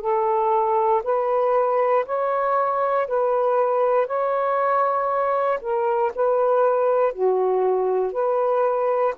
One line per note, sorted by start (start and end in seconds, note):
0.00 1.02 A4
1.04 2.05 B4
2.05 3.07 C#5
3.07 4.06 B4
4.06 5.59 C#5
5.61 6.12 A#4
6.15 7.12 B4
7.12 8.12 F#4
8.12 9.14 B4